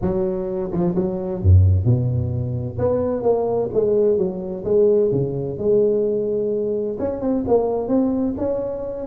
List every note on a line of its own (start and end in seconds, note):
0.01 0.71 F#3
0.71 0.94 F3
0.95 1.41 F#3
1.41 1.85 F#2
1.85 2.78 B2
2.78 3.23 B3
3.23 3.69 A#3
3.73 4.17 G#3
4.17 4.64 F#3
4.64 5.11 G#3
5.11 5.58 C#3
5.58 6.97 G#3
6.99 7.21 C#4
7.21 7.44 C4
7.47 7.88 A#3
7.88 8.34 C4
8.37 9.06 C#4